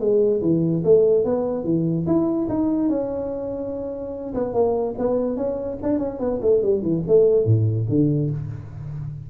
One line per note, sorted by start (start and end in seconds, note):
0.00 0.41 G#3
0.42 0.83 E3
0.84 1.25 A3
1.25 1.65 B3
1.65 2.06 E3
2.07 2.48 E4
2.49 2.89 D#4
2.89 4.34 C#4
4.34 4.53 B3
4.53 4.95 A#3
4.99 5.37 B3
5.37 5.78 C#4
5.83 5.99 D4
5.99 6.20 C#4
6.20 6.40 B3
6.42 6.62 A3
6.62 6.83 G3
6.83 7.03 E3
7.08 7.46 A3
7.46 7.87 A2
7.89 8.30 D3